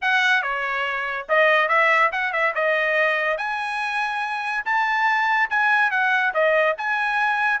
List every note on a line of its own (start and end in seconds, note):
0.01 0.42 F#5
0.42 1.26 C#5
1.28 1.68 D#5
1.68 2.10 E5
2.11 2.33 F#5
2.33 2.54 E5
2.54 3.37 D#5
3.37 4.64 G#5
4.65 5.49 A5
5.50 5.90 G#5
5.90 6.33 F#5
6.34 6.76 D#5
6.77 7.60 G#5